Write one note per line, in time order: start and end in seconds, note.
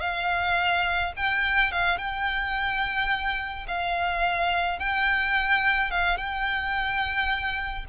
0.00 1.12 F5
1.16 1.71 G5
1.71 1.98 F5
1.98 3.66 G5
3.67 4.79 F5
4.79 5.90 G5
5.90 6.17 F5
6.17 7.85 G5